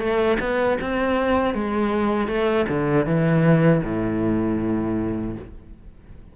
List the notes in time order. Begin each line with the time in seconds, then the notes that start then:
0.00 A3
0.40 B3
0.81 C4
1.54 G#3
2.28 A3
2.69 D3
3.06 E3
3.84 A2